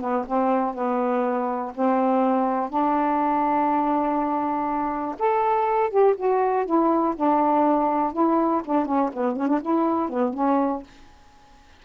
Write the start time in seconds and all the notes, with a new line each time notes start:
0.00 B3
0.26 C4
0.74 B3
1.74 C4
2.69 D4
5.18 A4
5.89 G4
6.16 F#4
6.65 E4
7.16 D4
8.12 E4
8.64 D4
8.85 C#4
9.13 B3
9.36 C#4
9.47 D4
9.61 E4
10.09 B3
10.33 C#4